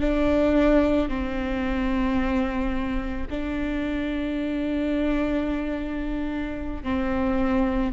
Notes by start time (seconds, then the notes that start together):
0.00 D4
1.09 C4
3.29 D4
6.83 C4